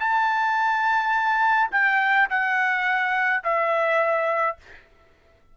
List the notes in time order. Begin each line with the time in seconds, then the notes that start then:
0.00 A5
1.72 G5
2.31 F#5
3.44 E5